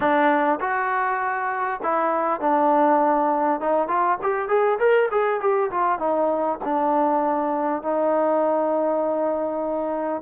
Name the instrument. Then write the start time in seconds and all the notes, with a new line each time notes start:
trombone
0.00 D4
0.60 F#4
1.82 E4
2.40 D4
3.60 D#4
3.88 F4
4.22 G4
4.48 G#4
4.79 A#4
5.11 G#4
5.40 G4
5.70 F4
5.98 D#4
6.64 D4
7.82 D#4